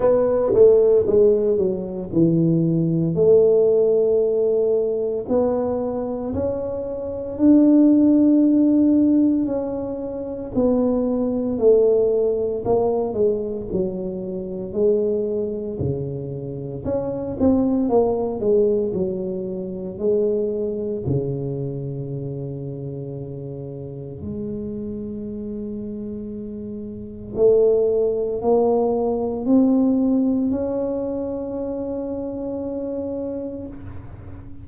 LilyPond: \new Staff \with { instrumentName = "tuba" } { \time 4/4 \tempo 4 = 57 b8 a8 gis8 fis8 e4 a4~ | a4 b4 cis'4 d'4~ | d'4 cis'4 b4 a4 | ais8 gis8 fis4 gis4 cis4 |
cis'8 c'8 ais8 gis8 fis4 gis4 | cis2. gis4~ | gis2 a4 ais4 | c'4 cis'2. | }